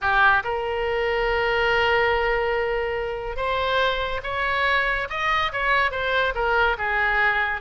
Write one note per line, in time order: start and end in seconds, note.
0.01 0.43 G4
0.44 3.36 A#4
3.36 4.20 C5
4.23 5.07 C#5
5.09 5.52 D#5
5.52 5.91 C#5
5.91 6.33 C5
6.34 6.77 A#4
6.78 7.61 G#4